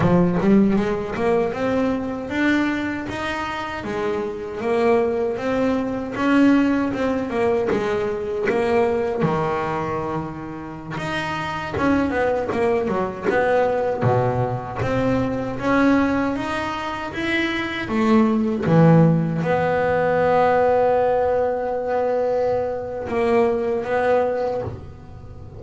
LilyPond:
\new Staff \with { instrumentName = "double bass" } { \time 4/4 \tempo 4 = 78 f8 g8 gis8 ais8 c'4 d'4 | dis'4 gis4 ais4 c'4 | cis'4 c'8 ais8 gis4 ais4 | dis2~ dis16 dis'4 cis'8 b16~ |
b16 ais8 fis8 b4 b,4 c'8.~ | c'16 cis'4 dis'4 e'4 a8.~ | a16 e4 b2~ b8.~ | b2 ais4 b4 | }